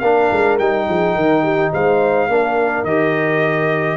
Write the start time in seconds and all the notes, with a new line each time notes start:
0.00 A#3 D4 A#4 F5
0.32 G#3
0.59 G3 D#4 G5
0.89 F3 G#4
1.15 D#3 A#4
1.43 G4
1.73 G#3 C5 F5
2.29 A#3 D4 A#4
2.84 D#3 G4 D#5